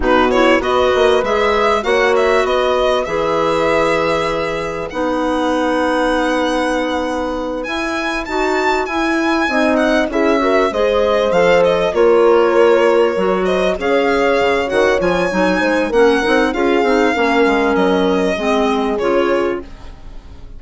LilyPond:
<<
  \new Staff \with { instrumentName = "violin" } { \time 4/4 \tempo 4 = 98 b'8 cis''8 dis''4 e''4 fis''8 e''8 | dis''4 e''2. | fis''1~ | fis''8 gis''4 a''4 gis''4. |
fis''8 e''4 dis''4 f''8 dis''8 cis''8~ | cis''2 dis''8 f''4. | fis''8 gis''4. fis''4 f''4~ | f''4 dis''2 cis''4 | }
  \new Staff \with { instrumentName = "horn" } { \time 4/4 fis'4 b'2 cis''4 | b'1~ | b'1~ | b'2.~ b'8 dis''8~ |
dis''8 gis'8 ais'8 c''2 ais'8~ | ais'2 c''8 cis''4.~ | cis''4. c''8 ais'4 gis'4 | ais'2 gis'2 | }
  \new Staff \with { instrumentName = "clarinet" } { \time 4/4 dis'8 e'8 fis'4 gis'4 fis'4~ | fis'4 gis'2. | dis'1~ | dis'8 e'4 fis'4 e'4 dis'8~ |
dis'8 e'8 fis'8 gis'4 a'4 f'8~ | f'4. fis'4 gis'4. | fis'8 f'8 dis'4 cis'8 dis'8 f'8 dis'8 | cis'2 c'4 f'4 | }
  \new Staff \with { instrumentName = "bassoon" } { \time 4/4 b,4 b8 ais8 gis4 ais4 | b4 e2. | b1~ | b8 e'4 dis'4 e'4 c'8~ |
c'8 cis'4 gis4 f4 ais8~ | ais4. fis4 cis'4 cis8 | dis8 f8 fis8 gis8 ais8 c'8 cis'8 c'8 | ais8 gis8 fis4 gis4 cis4 | }
>>